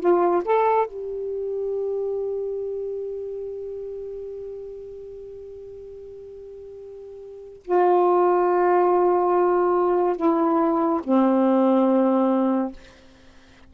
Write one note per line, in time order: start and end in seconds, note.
0.00 0.42 F4
0.45 0.87 A4
0.87 7.63 G4
7.64 10.16 F4
10.16 11.01 E4
11.04 12.73 C4